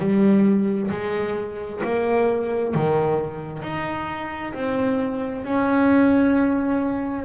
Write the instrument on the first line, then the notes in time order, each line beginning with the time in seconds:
double bass
0.00 G3
0.91 G#3
1.84 A#3
2.75 D#3
3.63 D#4
4.54 C4
5.45 C#4